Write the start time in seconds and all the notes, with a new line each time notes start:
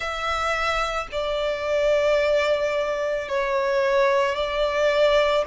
0.00 E5
1.12 D5
3.28 C#5
4.35 D5